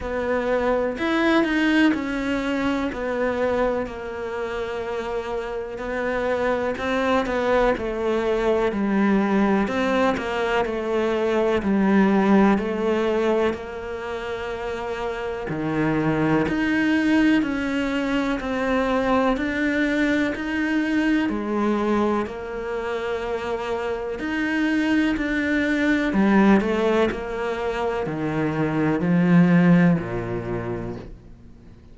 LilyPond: \new Staff \with { instrumentName = "cello" } { \time 4/4 \tempo 4 = 62 b4 e'8 dis'8 cis'4 b4 | ais2 b4 c'8 b8 | a4 g4 c'8 ais8 a4 | g4 a4 ais2 |
dis4 dis'4 cis'4 c'4 | d'4 dis'4 gis4 ais4~ | ais4 dis'4 d'4 g8 a8 | ais4 dis4 f4 ais,4 | }